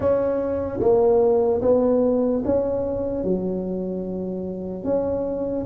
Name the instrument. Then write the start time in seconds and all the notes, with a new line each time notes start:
tuba
0.00 C#4
0.80 A#3
1.61 B3
2.44 C#4
3.24 F#3
4.84 C#4